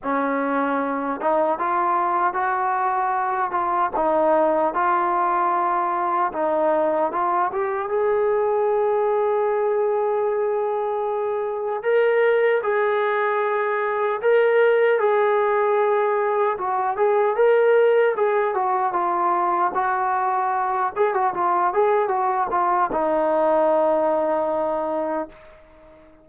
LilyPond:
\new Staff \with { instrumentName = "trombone" } { \time 4/4 \tempo 4 = 76 cis'4. dis'8 f'4 fis'4~ | fis'8 f'8 dis'4 f'2 | dis'4 f'8 g'8 gis'2~ | gis'2. ais'4 |
gis'2 ais'4 gis'4~ | gis'4 fis'8 gis'8 ais'4 gis'8 fis'8 | f'4 fis'4. gis'16 fis'16 f'8 gis'8 | fis'8 f'8 dis'2. | }